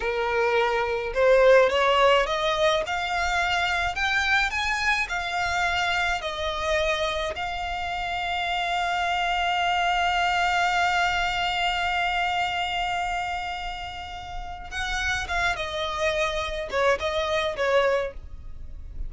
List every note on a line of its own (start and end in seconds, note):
0.00 1.13 A#4
1.13 1.69 C5
1.69 2.26 C#5
2.26 2.83 D#5
2.86 3.95 F5
3.95 4.50 G5
4.50 5.07 G#5
5.08 6.21 F5
6.21 7.34 D#5
7.35 14.70 F5
14.70 15.27 F#5
15.28 15.55 F5
15.55 16.69 D#5
16.70 16.98 C#5
16.99 17.56 D#5
17.56 18.13 C#5